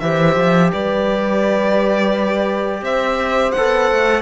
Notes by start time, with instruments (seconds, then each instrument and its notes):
0.00 cello E3, trombone G4, horn C5, violin E5
0.36 cello F3
0.72 cello G3, horn B4, violin D5
2.81 cello C4, horn C5, violin E5
3.52 cello B3, trombone A4, violin F#5
3.91 cello A3